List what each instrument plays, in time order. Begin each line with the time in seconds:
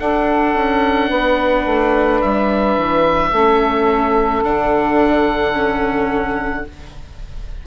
0.00 viola D4, bassoon D4, saxophone A4, oboe F#5
0.55 bassoon C#4
1.09 bassoon B3, saxophone B4
1.66 bassoon A3
2.22 bassoon G3, oboe E5
2.77 bassoon E3
3.31 bassoon A3, viola C#4, saxophone A4
4.44 bassoon D3, viola D4, oboe F#5
5.53 viola C#4